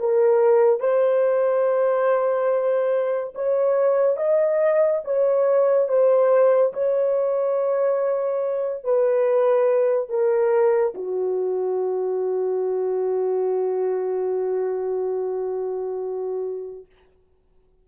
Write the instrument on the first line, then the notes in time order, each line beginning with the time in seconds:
horn
0.00 A#4
0.81 C5
3.35 C#5
4.17 D#5
5.05 C#5
5.89 C5
6.73 C#5
8.84 B4
10.09 A#4
10.95 F#4